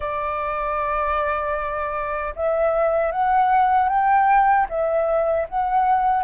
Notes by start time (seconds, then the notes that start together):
0.00 D5
2.35 E5
3.11 F#5
3.89 G5
4.69 E5
5.48 F#5